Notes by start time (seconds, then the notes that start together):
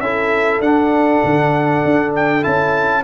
0.00 C#4 E4 A4 E5
0.60 D4 F#5
1.24 D3
1.85 D4
2.16 G5
2.43 C#4 E4 A5